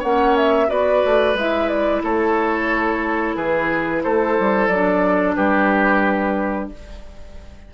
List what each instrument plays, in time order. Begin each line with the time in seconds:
0.00 bassoon A#3, clarinet C#4, oboe C#5, flute F#5
0.37 flute E5
0.68 bassoon B3, clarinet F#4, oboe B4, flute D5
1.05 bassoon A3
1.35 bassoon G#3, clarinet E4, flute E5
1.69 flute D5
2.03 bassoon A3, oboe A4, flute C#5
3.36 bassoon E3, oboe G#4, flute B4
4.04 bassoon A3, oboe A4, flute C5
4.40 bassoon G3
4.68 bassoon F#3, clarinet D4, flute D5
5.36 bassoon G3, oboe G4, flute B4